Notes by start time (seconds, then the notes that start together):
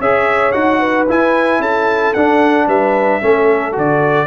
0.00 C#4 G#4 C#5 E5
0.52 D#4 F#4 F#5
0.80 B4
1.09 E4 G#5
1.59 C#4 A4 A5
2.14 D4 F#5
2.67 G3 B4 E5
3.22 A3 C#4 A4
3.73 D3 F#4 D5